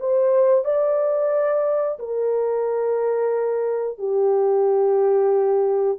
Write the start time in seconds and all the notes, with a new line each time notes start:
0.00 C5
0.65 D5
1.99 A#4
3.98 G4